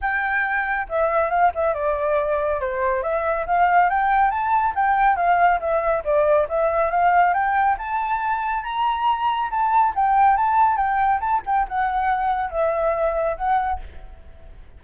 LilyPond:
\new Staff \with { instrumentName = "flute" } { \time 4/4 \tempo 4 = 139 g''2 e''4 f''8 e''8 | d''2 c''4 e''4 | f''4 g''4 a''4 g''4 | f''4 e''4 d''4 e''4 |
f''4 g''4 a''2 | ais''2 a''4 g''4 | a''4 g''4 a''8 g''8 fis''4~ | fis''4 e''2 fis''4 | }